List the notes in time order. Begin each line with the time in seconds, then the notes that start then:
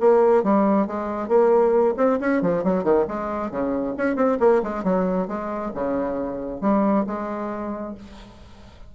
0.00 A#3
0.43 G3
0.87 G#3
1.28 A#3
1.97 C4
2.20 C#4
2.41 F3
2.64 F#3
2.84 D#3
3.08 G#3
3.51 C#3
3.97 C#4
4.16 C4
4.40 A#3
4.63 G#3
4.83 F#3
5.28 G#3
5.74 C#3
6.61 G3
7.06 G#3